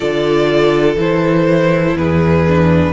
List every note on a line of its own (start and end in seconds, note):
0.00 0.96 D3
0.00 0.98 F4
0.00 1.97 A4
0.00 0.95 D5
0.96 1.94 E3
0.96 2.46 E4
0.96 1.97 C5
1.95 2.92 E2
1.95 2.92 G#4
1.95 2.92 B4
2.47 2.92 D4